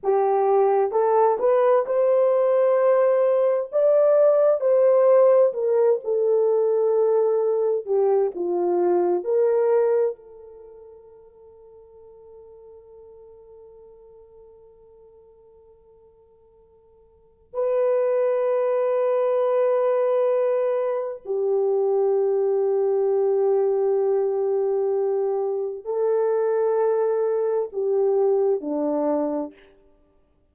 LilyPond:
\new Staff \with { instrumentName = "horn" } { \time 4/4 \tempo 4 = 65 g'4 a'8 b'8 c''2 | d''4 c''4 ais'8 a'4.~ | a'8 g'8 f'4 ais'4 a'4~ | a'1~ |
a'2. b'4~ | b'2. g'4~ | g'1 | a'2 g'4 d'4 | }